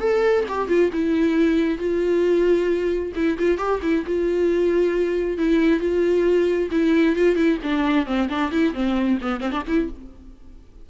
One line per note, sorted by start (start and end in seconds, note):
0.00 0.45 A4
0.48 0.68 G4
0.68 0.91 F4
0.93 1.78 E4
1.78 3.12 F4
3.16 3.38 E4
3.38 3.58 F4
3.58 3.80 G4
3.82 4.05 E4
4.06 5.38 F4
5.38 5.80 E4
5.80 6.69 F4
6.71 7.16 E4
7.16 7.36 F4
7.36 7.58 E4
7.63 8.06 D4
8.06 8.29 C4
8.29 8.51 D4
8.51 8.74 E4
8.74 9.19 C4
9.22 9.41 B3
9.41 9.52 C4
9.52 9.63 D4
9.67 9.90 E4